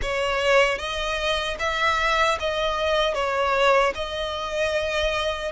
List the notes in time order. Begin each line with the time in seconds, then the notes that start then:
0.02 C#5
0.78 D#5
1.59 E5
2.39 D#5
3.14 C#5
3.94 D#5